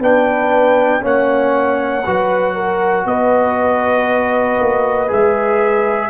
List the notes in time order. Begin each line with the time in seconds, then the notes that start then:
0.00 B3 D4 B4 G5
1.01 A#3 C#4 C#5 F#5
2.06 F#3 F#4 B4
2.55 A#4
3.06 B3 B4 D#5
4.61 A#3
5.08 G#3 G#4 E5